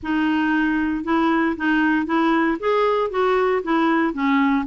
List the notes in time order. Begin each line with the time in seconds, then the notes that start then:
0.02 D#4
1.04 E4
1.57 D#4
2.05 E4
2.59 G#4
3.10 F#4
3.63 E4
4.13 C#4